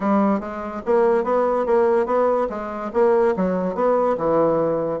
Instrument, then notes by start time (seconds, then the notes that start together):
bassoon
0.00 G3
0.40 G#3
0.85 A#3
1.24 B3
1.66 A#3
2.06 B3
2.49 G#3
2.93 A#3
3.36 F#3
3.74 B3
4.17 E3